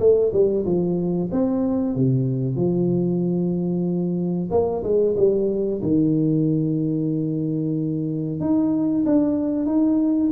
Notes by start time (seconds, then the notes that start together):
0.00 A3
0.33 G3
0.66 F3
1.33 C4
1.96 C3
2.56 F3
4.51 A#3
4.84 G#3
5.17 G3
5.83 D#3
8.41 D#4
9.06 D4
9.66 D#4